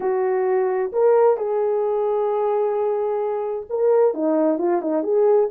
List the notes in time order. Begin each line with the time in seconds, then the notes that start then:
0.00 F#4
0.92 A#4
1.37 G#4
3.69 A#4
4.13 D#4
4.58 F4
4.81 D#4
5.03 G#4